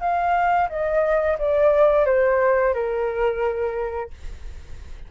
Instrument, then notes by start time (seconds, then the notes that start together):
flute
0.00 F5
0.69 D#5
1.38 D5
2.05 C5
2.74 A#4